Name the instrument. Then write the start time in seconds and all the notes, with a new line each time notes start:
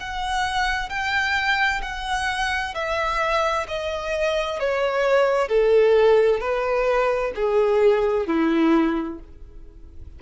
violin
0.00 F#5
0.89 G5
1.82 F#5
2.74 E5
3.68 D#5
4.60 C#5
5.49 A4
6.40 B4
7.36 G#4
8.27 E4